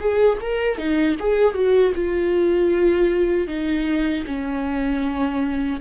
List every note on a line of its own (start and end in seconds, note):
0.00 0.38 G#4
0.41 0.78 A#4
0.78 1.16 D#4
1.20 1.55 G#4
1.55 1.93 F#4
1.95 3.48 F4
3.48 4.24 D#4
4.27 5.81 C#4